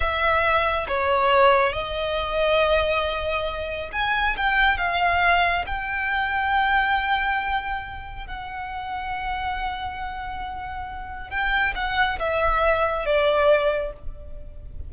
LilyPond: \new Staff \with { instrumentName = "violin" } { \time 4/4 \tempo 4 = 138 e''2 cis''2 | dis''1~ | dis''4 gis''4 g''4 f''4~ | f''4 g''2.~ |
g''2. fis''4~ | fis''1~ | fis''2 g''4 fis''4 | e''2 d''2 | }